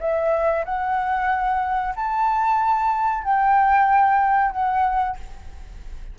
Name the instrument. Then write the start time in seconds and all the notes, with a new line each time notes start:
flute
0.00 E5
0.65 F#5
1.96 A5
3.24 G5
4.52 F#5